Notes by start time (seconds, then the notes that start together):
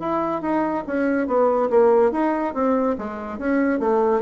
0.00 E4
0.42 D#4
0.87 C#4
1.28 B3
1.70 A#3
2.12 D#4
2.54 C4
2.98 G#3
3.38 C#4
3.80 A3